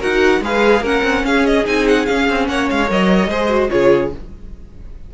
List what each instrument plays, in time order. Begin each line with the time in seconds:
0.00 cello D#4, viola F#4, violin A#4 F#5
0.41 cello G#3, viola G#4, violin B4 F5
0.81 cello A#3, viola C#4, violin A#4 F#5
1.03 cello C4
1.25 cello C#4, violin G#4 F5
1.46 violin D#5
1.66 cello C4, viola D#4, violin G#5
1.88 violin F#5
2.06 viola C#4, cello C#4, violin F5
2.30 cello C4
2.49 cello A#3, violin C#5 F#5
2.70 cello G#3, violin F5
2.87 cello F#3, viola A#4, violin D#5
3.28 cello G#3, viola G#4, violin C5
3.50 viola F#4
3.69 cello C#3, viola F4, violin G#4 C#5